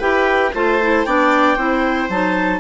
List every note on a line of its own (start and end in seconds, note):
0.00 0.53 E4
0.00 0.53 G4
0.00 0.52 B4
0.00 0.53 G5
0.54 1.06 A3
0.54 0.81 F4
0.54 1.07 C5
0.54 1.05 A5
0.82 1.07 E4
1.05 1.57 B3
1.05 1.58 D4
1.05 1.56 D5
1.05 2.10 G5
1.56 2.09 C4
1.56 2.10 E4
1.56 2.61 C5
2.09 2.61 F#3
2.09 2.61 D#4
2.09 2.61 A5